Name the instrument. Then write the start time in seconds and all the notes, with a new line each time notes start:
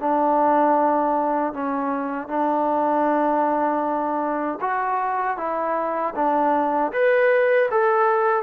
trombone
0.00 D4
1.54 C#4
2.29 D4
4.61 F#4
5.38 E4
6.15 D4
6.93 B4
7.71 A4